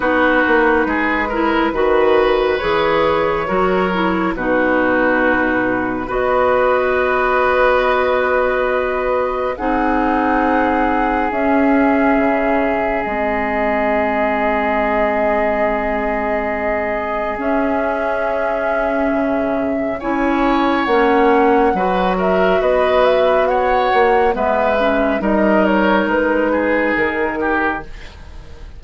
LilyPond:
<<
  \new Staff \with { instrumentName = "flute" } { \time 4/4 \tempo 4 = 69 b'2. cis''4~ | cis''4 b'2 dis''4~ | dis''2. fis''4~ | fis''4 e''2 dis''4~ |
dis''1 | e''2. gis''4 | fis''4. e''8 dis''8 e''8 fis''4 | e''4 dis''8 cis''8 b'4 ais'4 | }
  \new Staff \with { instrumentName = "oboe" } { \time 4/4 fis'4 gis'8 ais'8 b'2 | ais'4 fis'2 b'4~ | b'2. gis'4~ | gis'1~ |
gis'1~ | gis'2. cis''4~ | cis''4 b'8 ais'8 b'4 cis''4 | b'4 ais'4. gis'4 g'8 | }
  \new Staff \with { instrumentName = "clarinet" } { \time 4/4 dis'4. e'8 fis'4 gis'4 | fis'8 e'8 dis'2 fis'4~ | fis'2. dis'4~ | dis'4 cis'2 c'4~ |
c'1 | cis'2. e'4 | cis'4 fis'2. | b8 cis'8 dis'2. | }
  \new Staff \with { instrumentName = "bassoon" } { \time 4/4 b8 ais8 gis4 dis4 e4 | fis4 b,2 b4~ | b2. c'4~ | c'4 cis'4 cis4 gis4~ |
gis1 | cis'2 cis4 cis'4 | ais4 fis4 b4. ais8 | gis4 g4 gis4 dis4 | }
>>